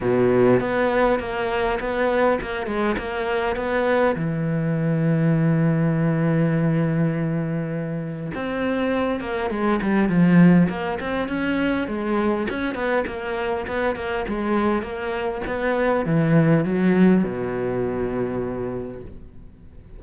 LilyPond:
\new Staff \with { instrumentName = "cello" } { \time 4/4 \tempo 4 = 101 b,4 b4 ais4 b4 | ais8 gis8 ais4 b4 e4~ | e1~ | e2 c'4. ais8 |
gis8 g8 f4 ais8 c'8 cis'4 | gis4 cis'8 b8 ais4 b8 ais8 | gis4 ais4 b4 e4 | fis4 b,2. | }